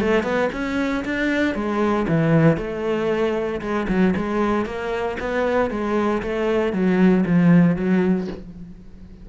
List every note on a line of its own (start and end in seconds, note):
0.00 0.23 A3
0.23 0.49 B3
0.52 1.04 C#4
1.04 1.54 D4
1.54 2.06 G#3
2.08 2.57 E3
2.57 3.60 A3
3.61 3.87 G#3
3.88 4.14 F#3
4.16 4.65 G#3
4.65 5.17 A#3
5.19 5.70 B3
5.70 6.22 G#3
6.22 6.72 A3
6.72 7.24 F#3
7.26 7.76 F3
7.76 8.27 F#3